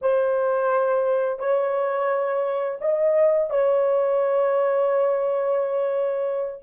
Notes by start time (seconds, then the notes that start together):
0.01 C5
1.39 C#5
2.80 D#5
3.49 C#5